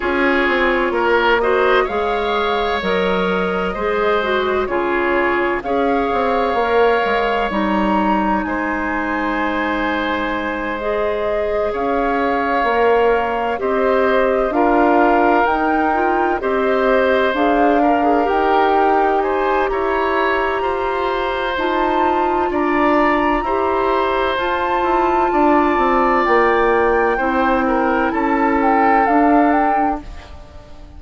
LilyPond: <<
  \new Staff \with { instrumentName = "flute" } { \time 4/4 \tempo 4 = 64 cis''4. dis''8 f''4 dis''4~ | dis''4 cis''4 f''2 | ais''4 gis''2~ gis''8 dis''8~ | dis''8 f''2 dis''4 f''8~ |
f''8 g''4 dis''4 f''4 g''8~ | g''8 gis''8 ais''2 a''4 | ais''2 a''2 | g''2 a''8 g''8 f''8 g''8 | }
  \new Staff \with { instrumentName = "oboe" } { \time 4/4 gis'4 ais'8 c''8 cis''2 | c''4 gis'4 cis''2~ | cis''4 c''2.~ | c''8 cis''2 c''4 ais'8~ |
ais'4. c''4. ais'4~ | ais'8 c''8 cis''4 c''2 | d''4 c''2 d''4~ | d''4 c''8 ais'8 a'2 | }
  \new Staff \with { instrumentName = "clarinet" } { \time 4/4 f'4. fis'8 gis'4 ais'4 | gis'8 fis'8 f'4 gis'4 ais'4 | dis'2.~ dis'8 gis'8~ | gis'4. ais'4 g'4 f'8~ |
f'8 dis'8 f'8 g'4 gis'8 ais'16 gis'16 g'8~ | g'2. f'4~ | f'4 g'4 f'2~ | f'4 e'2 d'4 | }
  \new Staff \with { instrumentName = "bassoon" } { \time 4/4 cis'8 c'8 ais4 gis4 fis4 | gis4 cis4 cis'8 c'8 ais8 gis8 | g4 gis2.~ | gis8 cis'4 ais4 c'4 d'8~ |
d'8 dis'4 c'4 d'4 dis'8~ | dis'4 e'4 f'4 dis'4 | d'4 e'4 f'8 e'8 d'8 c'8 | ais4 c'4 cis'4 d'4 | }
>>